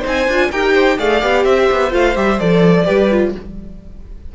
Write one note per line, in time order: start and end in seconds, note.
0.00 0.26 D#4
0.00 0.47 C5
0.06 0.28 C4
0.06 0.51 G#5
0.28 0.51 D4
0.28 0.52 F4
0.51 0.99 D#4
0.51 0.97 G4
0.51 0.73 A#4
0.51 0.98 G5
0.73 0.97 C5
0.97 1.22 A3
0.97 1.21 G#4
0.97 1.44 D5
0.97 1.45 F5
1.21 1.45 B3
1.21 1.90 G4
1.44 1.69 C4
1.44 2.85 C5
1.44 1.92 E5
1.71 1.92 B3
1.90 2.16 A3
1.90 2.14 F4
1.90 2.17 F5
2.15 2.39 G3
2.15 2.38 G4
2.15 2.39 E5
2.39 2.88 F3
2.39 2.85 A4
2.39 3.33 D5
2.85 3.35 G3
2.85 3.09 G4
2.85 3.32 B4
3.11 3.34 F4